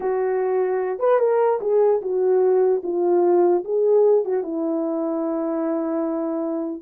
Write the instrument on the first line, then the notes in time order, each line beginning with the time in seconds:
horn
0.00 F#4
0.99 B4
1.19 A#4
1.60 G#4
2.01 F#4
2.83 F4
3.64 G#4
4.24 F#4
4.43 E4